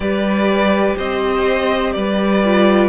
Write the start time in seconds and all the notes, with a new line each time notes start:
0.00 G3 G4 B4 D5
0.96 C4 C5 D#5
1.93 G3 B4 D5
2.45 F4